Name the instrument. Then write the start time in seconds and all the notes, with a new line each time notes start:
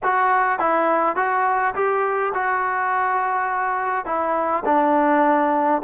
trombone
0.03 F#4
0.59 E4
1.16 F#4
1.74 G4
2.34 F#4
4.05 E4
4.65 D4